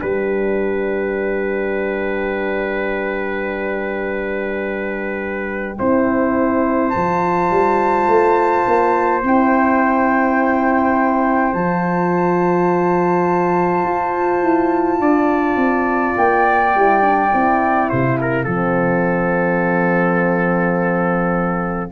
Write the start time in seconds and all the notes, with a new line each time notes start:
0.00 G3 D4 B4 G5
5.79 C4 E4 C5
6.90 F3 A5
6.96 F4
7.50 G3
8.07 A3
8.67 A#3
9.23 C4 E4 G5
11.54 F3 F4 A5
13.84 F4
14.42 E4
15.00 D4 D5
15.56 C4
16.17 A#3 G5
16.75 G3 E4
17.02 D4
17.32 C4 E4
17.89 C3 C5 F5
18.21 A#4
18.44 F3 C4 A4